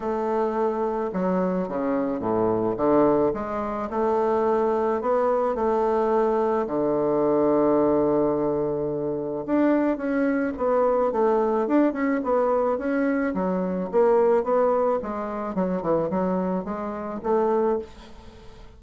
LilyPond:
\new Staff \with { instrumentName = "bassoon" } { \time 4/4 \tempo 4 = 108 a2 fis4 cis4 | a,4 d4 gis4 a4~ | a4 b4 a2 | d1~ |
d4 d'4 cis'4 b4 | a4 d'8 cis'8 b4 cis'4 | fis4 ais4 b4 gis4 | fis8 e8 fis4 gis4 a4 | }